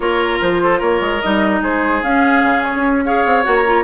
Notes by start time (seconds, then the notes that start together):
0.00 A#3 F4 A#4 C#5
0.41 F3 C5
0.63 A4
0.78 A#3 A#4 C#5
1.00 G#3
1.21 G3 D#4 D#5
1.61 G#3 G#4 C5
2.03 C#4 F5
2.43 C#3
2.63 C#5
2.75 C#4
3.04 G#4 C#5 F5
3.25 C4
3.43 A#3 F#4 F#5
3.55 A#5
3.65 F4